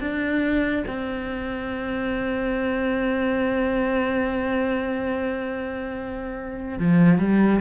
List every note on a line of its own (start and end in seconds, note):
0.00 0.85 D4
0.88 6.79 C4
6.79 7.19 F3
7.19 7.61 G3